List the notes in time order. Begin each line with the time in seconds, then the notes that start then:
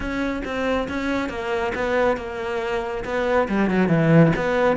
0.00 C#4
0.44 C4
0.88 C#4
1.29 A#3
1.74 B3
2.17 A#3
3.04 B3
3.48 G3
3.70 F#3
3.88 E3
4.36 B3